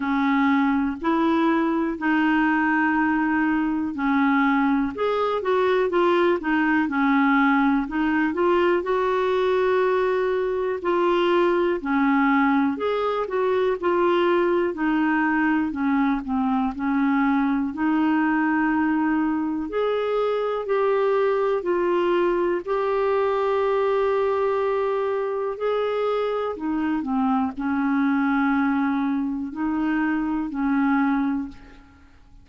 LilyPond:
\new Staff \with { instrumentName = "clarinet" } { \time 4/4 \tempo 4 = 61 cis'4 e'4 dis'2 | cis'4 gis'8 fis'8 f'8 dis'8 cis'4 | dis'8 f'8 fis'2 f'4 | cis'4 gis'8 fis'8 f'4 dis'4 |
cis'8 c'8 cis'4 dis'2 | gis'4 g'4 f'4 g'4~ | g'2 gis'4 dis'8 c'8 | cis'2 dis'4 cis'4 | }